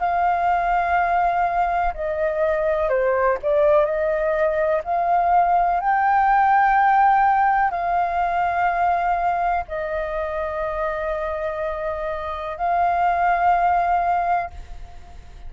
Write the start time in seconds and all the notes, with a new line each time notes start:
0.00 F5
1.94 D#5
2.89 C5
3.43 D5
3.85 D#5
4.84 F5
5.80 G5
7.71 F5
9.68 D#5
12.57 F5